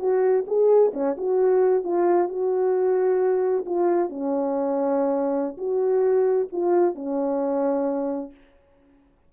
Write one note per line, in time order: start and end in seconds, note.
0.00 0.45 F#4
0.47 0.93 G#4
0.94 1.17 C#4
1.18 1.84 F#4
1.84 2.29 F4
2.29 3.65 F#4
3.66 4.10 F4
4.10 5.57 C#4
5.58 6.49 F#4
6.53 6.95 F4
6.95 8.32 C#4